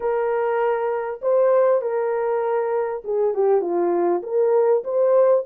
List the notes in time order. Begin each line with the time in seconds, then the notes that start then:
0.00 A#4
1.21 C5
1.81 A#4
3.04 G#4
3.34 G4
3.61 F4
4.23 A#4
4.83 C5